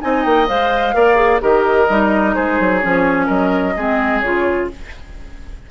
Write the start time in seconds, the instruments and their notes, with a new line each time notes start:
0.00 bassoon C4, clarinet D#4, oboe D#5, flute G#5
0.23 bassoon A#3, flute G5
0.47 bassoon G#3, clarinet C5, flute F5
0.94 bassoon A#3, clarinet A#4, oboe D5
1.15 clarinet G#4
1.40 bassoon D#3, clarinet G4, oboe A#4, flute D#5
1.89 bassoon G3, clarinet D#4
2.34 bassoon G#3, oboe G#4, flute C5
2.59 bassoon F#3
2.79 bassoon F3, clarinet C#4, flute C#5
3.26 bassoon F#3, oboe A#4, flute D#5
3.76 bassoon G#3, clarinet C4, oboe G#4
4.20 bassoon C#3, clarinet F4, flute C#5